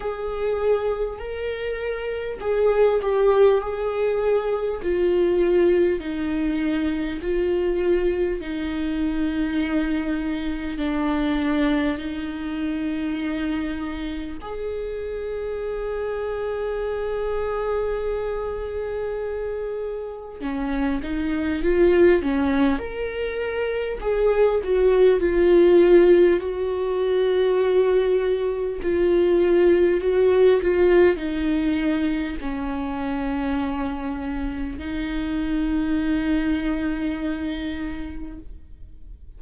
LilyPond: \new Staff \with { instrumentName = "viola" } { \time 4/4 \tempo 4 = 50 gis'4 ais'4 gis'8 g'8 gis'4 | f'4 dis'4 f'4 dis'4~ | dis'4 d'4 dis'2 | gis'1~ |
gis'4 cis'8 dis'8 f'8 cis'8 ais'4 | gis'8 fis'8 f'4 fis'2 | f'4 fis'8 f'8 dis'4 cis'4~ | cis'4 dis'2. | }